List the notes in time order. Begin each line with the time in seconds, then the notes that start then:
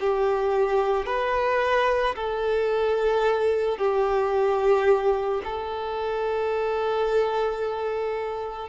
0.00 G4
1.06 B4
2.15 A4
3.78 G4
5.44 A4